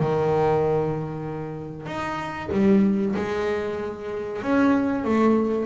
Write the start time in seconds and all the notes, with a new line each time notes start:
0.00 D#3
1.86 D#4
2.52 G3
3.16 G#3
4.42 C#4
5.04 A3